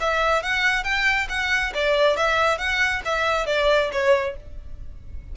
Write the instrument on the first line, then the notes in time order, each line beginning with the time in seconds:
violin
0.00 E5
0.42 F#5
0.83 G5
1.29 F#5
1.74 D5
2.17 E5
2.58 F#5
3.05 E5
3.46 D5
3.92 C#5